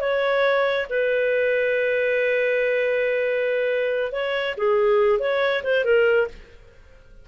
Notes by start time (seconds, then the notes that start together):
0.00 C#5
0.89 B4
4.12 C#5
4.57 G#4
5.19 C#5
5.64 C5
5.84 A#4